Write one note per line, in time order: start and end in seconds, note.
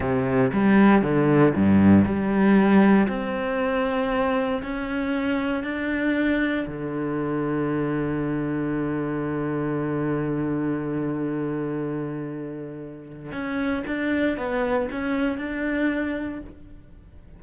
0.00 0.51 C3
0.52 1.02 G3
1.02 1.53 D3
1.55 2.05 G2
2.05 3.07 G3
3.08 4.62 C4
4.62 5.63 C#4
5.63 6.66 D4
6.67 13.31 D3
13.31 13.83 C#4
13.86 14.37 D4
14.37 14.88 B3
14.91 15.37 C#4
15.37 16.40 D4